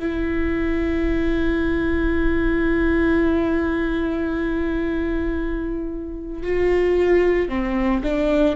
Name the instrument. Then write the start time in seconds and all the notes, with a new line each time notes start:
viola
0.00 E4
6.43 F4
7.49 C4
8.04 D4